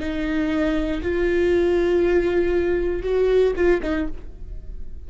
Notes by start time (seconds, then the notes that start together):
0.00 D#4
1.03 F4
3.03 F#4
3.56 F4
3.82 D#4